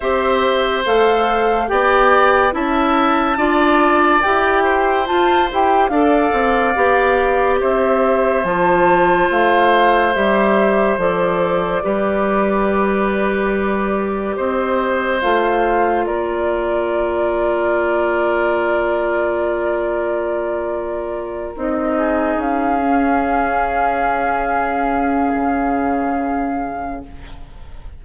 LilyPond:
<<
  \new Staff \with { instrumentName = "flute" } { \time 4/4 \tempo 4 = 71 e''4 f''4 g''4 a''4~ | a''4 g''4 a''8 g''8 f''4~ | f''4 e''4 a''4 f''4 | e''4 d''2.~ |
d''4 dis''4 f''4 d''4~ | d''1~ | d''4. dis''4 f''4.~ | f''1 | }
  \new Staff \with { instrumentName = "oboe" } { \time 4/4 c''2 d''4 e''4 | d''4. c''4. d''4~ | d''4 c''2.~ | c''2 b'2~ |
b'4 c''2 ais'4~ | ais'1~ | ais'2 gis'2~ | gis'1 | }
  \new Staff \with { instrumentName = "clarinet" } { \time 4/4 g'4 a'4 g'4 e'4 | f'4 g'4 f'8 g'8 a'4 | g'2 f'2 | g'4 a'4 g'2~ |
g'2 f'2~ | f'1~ | f'4. dis'4. cis'4~ | cis'1 | }
  \new Staff \with { instrumentName = "bassoon" } { \time 4/4 c'4 a4 b4 cis'4 | d'4 e'4 f'8 e'8 d'8 c'8 | b4 c'4 f4 a4 | g4 f4 g2~ |
g4 c'4 a4 ais4~ | ais1~ | ais4. c'4 cis'4.~ | cis'2 cis2 | }
>>